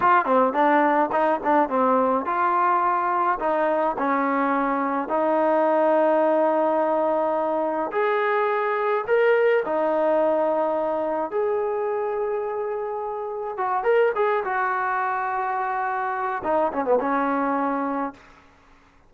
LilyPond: \new Staff \with { instrumentName = "trombone" } { \time 4/4 \tempo 4 = 106 f'8 c'8 d'4 dis'8 d'8 c'4 | f'2 dis'4 cis'4~ | cis'4 dis'2.~ | dis'2 gis'2 |
ais'4 dis'2. | gis'1 | fis'8 ais'8 gis'8 fis'2~ fis'8~ | fis'4 dis'8 cis'16 b16 cis'2 | }